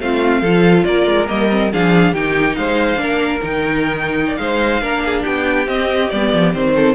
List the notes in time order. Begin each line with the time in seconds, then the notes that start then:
0.00 A3 C4 F4 F5
0.41 F3 F4 A4
0.84 A#3 A#4 D5
1.06 G#3
1.26 G3 A#3 D#5
1.50 C4
1.72 F3 D4 G#4 F5
2.13 D#3 D#4 G4 G5
2.55 G#3 C5 F5
2.96 A#3 D4 A#4
3.43 D#3 D#4 G5
4.27 D5
4.36 G#3 C5 F5
4.81 A#3 D4 A#4
5.05 G#4
5.22 B3 G4 G5
5.66 C4 D#5
6.10 G3 B3 D5
6.33 F3
6.53 D#3 C4 C5
6.75 A4